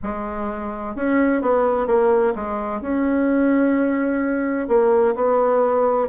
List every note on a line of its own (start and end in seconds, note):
0.02 0.95 G#3
0.95 1.41 C#4
1.41 1.86 B3
1.86 2.33 A#3
2.35 2.81 G#3
2.81 4.68 C#4
4.68 5.15 A#3
5.15 6.08 B3